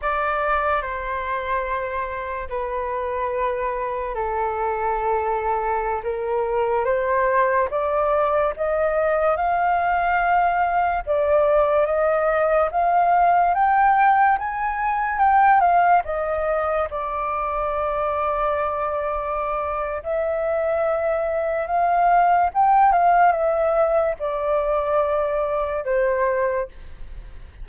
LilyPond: \new Staff \with { instrumentName = "flute" } { \time 4/4 \tempo 4 = 72 d''4 c''2 b'4~ | b'4 a'2~ a'16 ais'8.~ | ais'16 c''4 d''4 dis''4 f''8.~ | f''4~ f''16 d''4 dis''4 f''8.~ |
f''16 g''4 gis''4 g''8 f''8 dis''8.~ | dis''16 d''2.~ d''8. | e''2 f''4 g''8 f''8 | e''4 d''2 c''4 | }